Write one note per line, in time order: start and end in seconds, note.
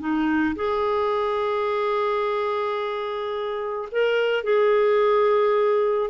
0.00 0.56 D#4
0.56 3.89 G#4
3.92 4.44 A#4
4.44 6.11 G#4